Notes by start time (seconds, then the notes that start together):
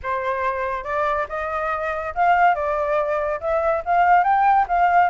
0.02 C5
0.84 D5
1.28 D#5
2.15 F5
2.54 D5
3.40 E5
3.85 F5
4.23 G5
4.68 F5